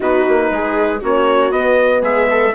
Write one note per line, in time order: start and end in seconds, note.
0.00 0.26 B3
0.00 0.99 D#4
0.00 0.49 F#4
0.00 1.03 B4
0.27 0.50 A#3
0.50 1.01 G#3
0.50 1.00 G#4
1.00 1.51 A#3
1.00 1.52 C#4
1.00 2.02 F#4
1.00 1.51 C#5
1.51 2.01 B3
1.51 2.54 B3
1.51 2.02 D#5
2.01 2.52 G#3
2.01 2.27 G#4
2.01 2.54 E5
2.30 2.54 A4